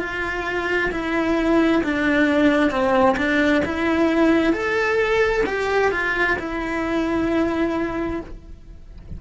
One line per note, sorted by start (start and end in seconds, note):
0.00 0.91 F4
0.91 1.82 E4
1.83 2.71 D4
2.71 3.16 C4
3.17 3.62 D4
3.65 4.53 E4
4.53 5.44 A4
5.46 5.92 G4
5.92 6.37 F4
6.39 8.21 E4